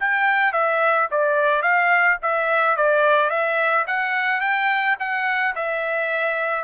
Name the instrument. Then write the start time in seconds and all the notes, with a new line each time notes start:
trumpet
0.00 G5
0.53 E5
1.11 D5
1.62 F5
2.22 E5
2.77 D5
3.30 E5
3.87 F#5
4.41 G5
4.99 F#5
5.56 E5